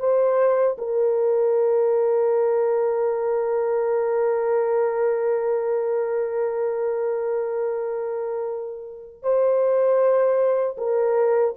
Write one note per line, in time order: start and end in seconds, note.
0.00 0.77 C5
0.78 9.23 A#4
9.23 10.77 C5
10.78 11.55 A#4